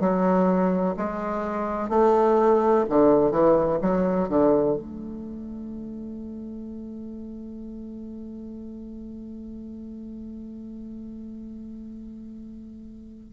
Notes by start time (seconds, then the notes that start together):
0.00 F#3
0.97 G#3
1.90 A3
2.89 D3
3.31 E3
3.81 F#3
4.29 D3
4.77 A3